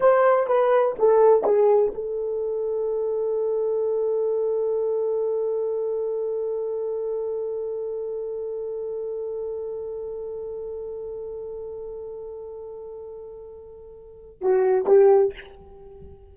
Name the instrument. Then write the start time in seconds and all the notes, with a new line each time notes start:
horn
0.00 C5
0.47 B4
0.98 A4
1.44 G#4
1.94 A4
14.41 F#4
14.86 G4